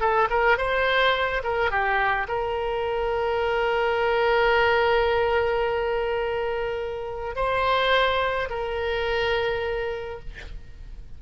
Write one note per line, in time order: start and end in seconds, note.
0.00 0.28 A4
0.30 0.57 A#4
0.57 1.42 C5
1.43 1.70 A#4
1.70 2.27 G4
2.28 7.35 A#4
7.35 8.49 C5
8.49 10.19 A#4